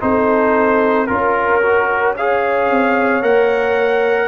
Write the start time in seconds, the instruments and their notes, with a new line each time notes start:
0.00 tuba C4, trombone D#4, horn A4, trumpet C5
1.07 tuba C#4, trombone F4, trumpet A#4, horn A#4
1.62 trombone F#4
2.16 trombone G#4, horn C#5, trumpet F5
2.70 tuba C4
3.22 tuba A#3, trombone A#4, trumpet F#5